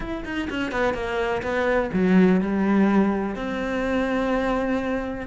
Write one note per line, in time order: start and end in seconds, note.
0.00 0.24 E4
0.24 0.48 D#4
0.50 0.71 C#4
0.71 0.94 B3
0.94 1.42 A#3
1.42 1.90 B3
1.93 2.40 F#3
2.40 3.35 G3
3.35 5.27 C4